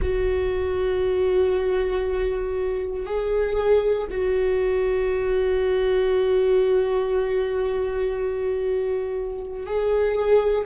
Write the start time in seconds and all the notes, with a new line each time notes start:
0.01 F#4
3.06 G#4
4.10 F#4
9.66 G#4